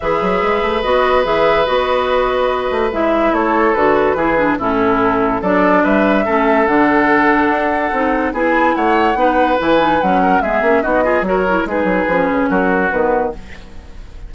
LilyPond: <<
  \new Staff \with { instrumentName = "flute" } { \time 4/4 \tempo 4 = 144 e''2 dis''4 e''4 | dis''2. e''4 | cis''4 b'2 a'4~ | a'4 d''4 e''2 |
fis''1 | gis''4 fis''2 gis''4 | fis''4 e''4 dis''4 cis''4 | b'2 ais'4 b'4 | }
  \new Staff \with { instrumentName = "oboe" } { \time 4/4 b'1~ | b'1 | a'2 gis'4 e'4~ | e'4 a'4 b'4 a'4~ |
a'1 | gis'4 cis''4 b'2~ | b'8 ais'8 gis'4 fis'8 gis'8 ais'4 | gis'2 fis'2 | }
  \new Staff \with { instrumentName = "clarinet" } { \time 4/4 gis'2 fis'4 gis'4 | fis'2. e'4~ | e'4 fis'4 e'8 d'8 cis'4~ | cis'4 d'2 cis'4 |
d'2. dis'4 | e'2 dis'4 e'8 dis'8 | cis'4 b8 cis'8 dis'8 f'8 fis'8 e'8 | dis'4 cis'2 b4 | }
  \new Staff \with { instrumentName = "bassoon" } { \time 4/4 e8 fis8 gis8 a8 b4 e4 | b2~ b8 a8 gis4 | a4 d4 e4 a,4~ | a,4 fis4 g4 a4 |
d2 d'4 c'4 | b4 a4 b4 e4 | fis4 gis8 ais8 b4 fis4 | gis8 fis8 f8 cis8 fis4 dis4 | }
>>